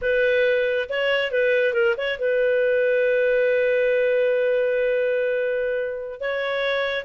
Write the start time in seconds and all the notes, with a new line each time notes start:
0.01 B4
0.89 C#5
1.31 B4
1.73 A#4
1.97 C#5
2.18 B4
6.20 C#5